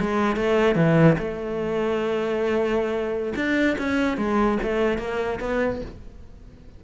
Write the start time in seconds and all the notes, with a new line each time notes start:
0.00 G#3
0.36 A3
0.75 E3
1.18 A3
3.35 D4
3.78 C#4
4.17 G#3
4.62 A3
4.98 A#3
5.40 B3